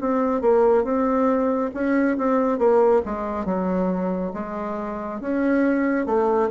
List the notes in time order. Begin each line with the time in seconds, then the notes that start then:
0.00 C4
0.41 A#3
0.83 C4
1.74 C#4
2.17 C4
2.58 A#3
3.05 G#3
3.45 F#3
4.33 G#3
5.20 C#4
6.06 A3